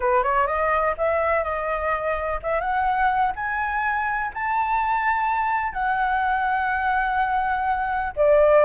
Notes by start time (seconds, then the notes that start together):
0.00 B4
0.23 C#5
0.46 D#5
0.97 E5
1.43 D#5
2.43 E5
2.60 F#5
3.35 G#5
4.34 A5
5.73 F#5
8.16 D5